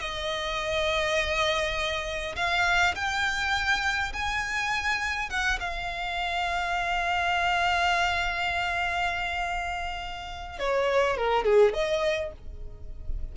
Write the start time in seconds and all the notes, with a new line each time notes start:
0.00 D#5
2.36 F5
2.95 G5
4.13 G#5
5.30 F#5
5.60 F5
10.59 C#5
11.17 A#4
11.45 G#4
11.74 D#5